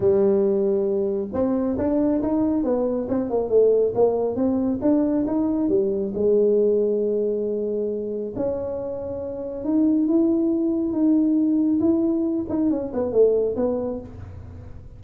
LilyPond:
\new Staff \with { instrumentName = "tuba" } { \time 4/4 \tempo 4 = 137 g2. c'4 | d'4 dis'4 b4 c'8 ais8 | a4 ais4 c'4 d'4 | dis'4 g4 gis2~ |
gis2. cis'4~ | cis'2 dis'4 e'4~ | e'4 dis'2 e'4~ | e'8 dis'8 cis'8 b8 a4 b4 | }